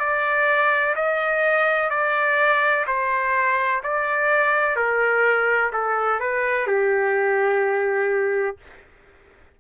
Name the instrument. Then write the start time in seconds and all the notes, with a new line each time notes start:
trumpet
0.00 D5
0.96 D#5
1.90 D5
2.87 C5
3.84 D5
4.77 A#4
5.73 A4
6.20 B4
6.67 G4